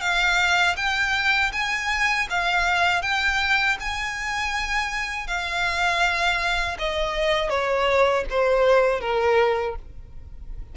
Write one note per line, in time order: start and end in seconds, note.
0.00 0.75 F5
0.76 1.51 G5
1.52 2.27 G#5
2.30 3.02 F5
3.02 3.77 G5
3.79 5.27 G#5
5.27 6.77 F5
6.78 7.49 D#5
7.49 8.24 C#5
8.30 9.00 C5
9.00 9.75 A#4